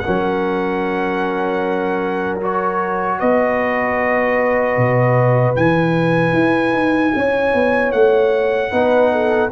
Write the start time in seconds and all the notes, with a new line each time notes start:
0.00 C#4 A#4 F#5
0.08 F#3
2.41 F#4 C#5
3.19 B3 B4 D#5
4.77 B2
5.56 E3 E4 G#5
6.33 E4
6.73 D#4
7.16 C#4 C#5
7.54 B3
7.92 A3 F#5
8.71 B3 D#4 B4
9.12 A4